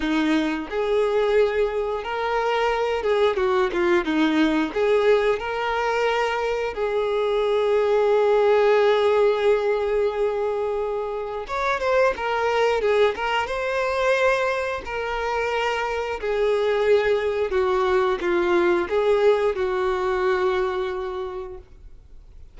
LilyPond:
\new Staff \with { instrumentName = "violin" } { \time 4/4 \tempo 4 = 89 dis'4 gis'2 ais'4~ | ais'8 gis'8 fis'8 f'8 dis'4 gis'4 | ais'2 gis'2~ | gis'1~ |
gis'4 cis''8 c''8 ais'4 gis'8 ais'8 | c''2 ais'2 | gis'2 fis'4 f'4 | gis'4 fis'2. | }